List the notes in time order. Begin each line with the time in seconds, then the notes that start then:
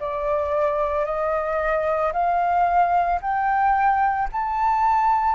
0.00 D5
1.05 D#5
2.13 F5
3.21 G5
4.32 A5